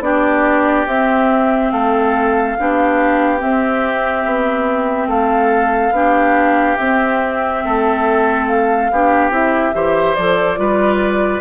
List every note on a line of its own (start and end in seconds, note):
0.00 0.85 B3
0.00 0.87 D4
0.00 1.72 G4
0.00 0.86 D5
0.86 1.71 C4
0.86 2.57 C4
0.86 1.71 E5
1.71 2.56 A3
1.71 2.57 A4
1.71 3.40 F5
2.58 3.42 B3
2.58 3.38 D4
2.58 5.08 G4
3.38 5.92 C4
3.38 4.25 C4
3.38 5.08 E5
4.25 5.07 B3
5.07 5.91 A3
5.07 5.93 A4
5.07 6.77 F5
5.91 6.75 B3
5.91 6.77 D4
5.91 7.64 G4
6.77 7.64 C4
6.77 8.91 C4
6.77 8.46 E5
7.64 8.91 A3
7.64 8.91 A4
8.46 9.30 F5
8.91 9.30 B3
8.91 9.30 D4
8.91 9.75 G4
9.30 9.72 C4
9.30 9.73 E4
9.30 10.15 E5
9.73 10.16 E3
9.73 10.15 G4
9.73 10.59 C5
10.15 10.58 F3
10.15 10.56 A4
10.15 11.41 D5
10.56 11.41 G3
10.56 11.41 F4
10.56 11.41 B4